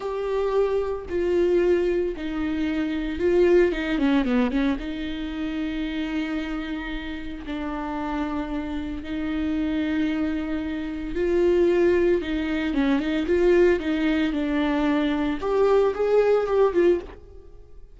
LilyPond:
\new Staff \with { instrumentName = "viola" } { \time 4/4 \tempo 4 = 113 g'2 f'2 | dis'2 f'4 dis'8 cis'8 | b8 cis'8 dis'2.~ | dis'2 d'2~ |
d'4 dis'2.~ | dis'4 f'2 dis'4 | cis'8 dis'8 f'4 dis'4 d'4~ | d'4 g'4 gis'4 g'8 f'8 | }